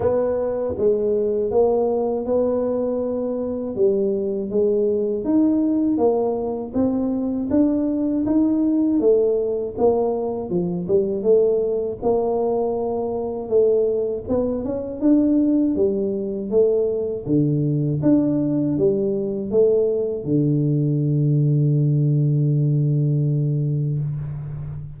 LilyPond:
\new Staff \with { instrumentName = "tuba" } { \time 4/4 \tempo 4 = 80 b4 gis4 ais4 b4~ | b4 g4 gis4 dis'4 | ais4 c'4 d'4 dis'4 | a4 ais4 f8 g8 a4 |
ais2 a4 b8 cis'8 | d'4 g4 a4 d4 | d'4 g4 a4 d4~ | d1 | }